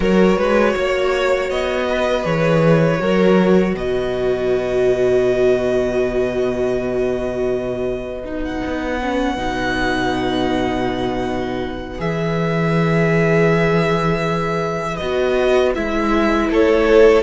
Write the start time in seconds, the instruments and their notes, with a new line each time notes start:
0.00 cello F#3, viola F#4, violin A#4 C#5
0.37 cello G#3, violin B4
0.73 cello A#3, violin C#5
1.50 cello B3, violin D#5
1.89 violin B4
2.23 cello E3, viola G#4, violin C#5
2.98 cello F#3, viola F#4, violin A#4
3.74 cello B2, violin B4 D#5
8.24 viola D#4
8.44 violin F#5
8.66 cello B3
9.01 viola C#4
9.37 cello B2, viola D#4
11.98 cello E3, viola G#4, violin E5
14.97 cello B3, viola F#4, violin D#5
15.74 cello G#3, viola E4, violin E5
16.49 cello A3, violin A4 C#5